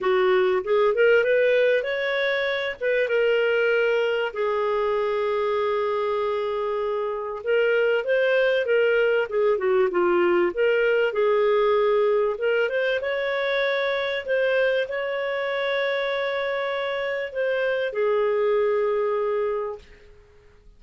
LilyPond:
\new Staff \with { instrumentName = "clarinet" } { \time 4/4 \tempo 4 = 97 fis'4 gis'8 ais'8 b'4 cis''4~ | cis''8 b'8 ais'2 gis'4~ | gis'1 | ais'4 c''4 ais'4 gis'8 fis'8 |
f'4 ais'4 gis'2 | ais'8 c''8 cis''2 c''4 | cis''1 | c''4 gis'2. | }